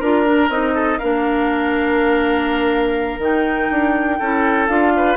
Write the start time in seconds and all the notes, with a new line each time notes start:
0.00 D4 F4 A#4
0.26 D4
0.50 C4 D#4 D#5
0.75 A4
0.99 A#3 D4 A#4 F5
3.19 D#3 D#4 G5
3.71 D4
4.20 C#4 E4 A4
4.68 D4 F4 F5
4.97 B4